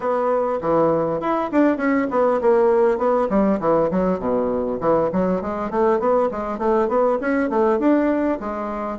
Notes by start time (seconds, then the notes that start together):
0.00 B3
0.61 E3
1.20 E4
1.51 D4
1.77 C#4
2.10 B3
2.41 A#3
2.98 B3
3.29 G3
3.59 E3
3.90 F#3
4.19 B2
4.80 E3
5.12 F#3
5.41 G#3
5.70 A3
5.99 B3
6.31 G#3
6.58 A3
6.88 B3
7.21 C#4
7.49 A3
7.79 D4
8.40 G#3